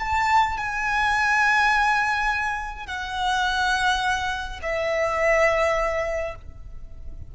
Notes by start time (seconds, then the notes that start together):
0.00 A5
0.58 G#5
2.87 F#5
4.63 E5